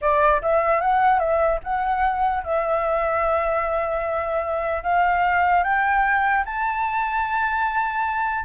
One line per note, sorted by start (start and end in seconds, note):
0.01 0.41 D5
0.42 0.80 E5
0.80 1.19 F#5
1.19 1.59 E5
1.63 2.43 F#5
2.43 4.83 E5
4.83 5.63 F5
5.63 6.44 G5
6.45 8.44 A5